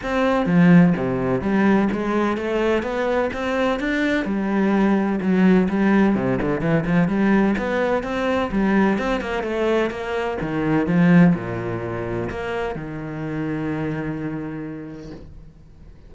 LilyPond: \new Staff \with { instrumentName = "cello" } { \time 4/4 \tempo 4 = 127 c'4 f4 c4 g4 | gis4 a4 b4 c'4 | d'4 g2 fis4 | g4 c8 d8 e8 f8 g4 |
b4 c'4 g4 c'8 ais8 | a4 ais4 dis4 f4 | ais,2 ais4 dis4~ | dis1 | }